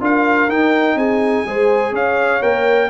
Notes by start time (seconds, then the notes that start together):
0.00 D4 F4 A#4 F5
0.48 D#4 G5
0.95 C4 G#4 G#5
1.46 G#3 G#4 C5
1.91 C#4 C#5 F5
2.41 A#3 A#4 G5